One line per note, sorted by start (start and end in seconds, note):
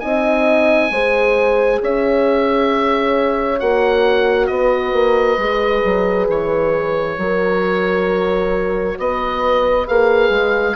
0.00 0.91 C4
0.00 0.92 D#4
0.00 0.91 D#5
0.00 1.79 G#5
0.91 1.80 G#3
0.91 3.60 G#4
0.91 1.82 C5
1.82 3.61 C#4
1.82 4.51 C#5
1.82 3.60 E5
3.60 4.49 A#3
3.60 5.39 F#4
3.60 4.47 F#5
4.47 4.93 B3
4.47 7.19 B4
4.47 6.26 D#5
4.93 5.38 A#3
5.38 5.83 G#3
5.38 7.20 G#4
5.84 6.29 F#3
6.29 7.18 E3
6.29 8.99 C#5
7.18 8.97 F#3
7.18 9.88 F#4
7.18 8.98 A#4
8.99 9.88 B3
8.99 10.76 B4
8.99 9.88 D#5
9.88 10.30 A#3
9.88 10.76 G#4
9.88 10.76 F5
10.30 10.75 G#3